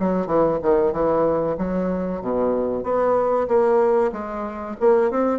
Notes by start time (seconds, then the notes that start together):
0.00 F#3
0.27 E3
0.62 D#3
0.93 E3
1.58 F#3
2.22 B2
2.84 B3
3.48 A#3
4.12 G#3
4.80 A#3
5.11 C4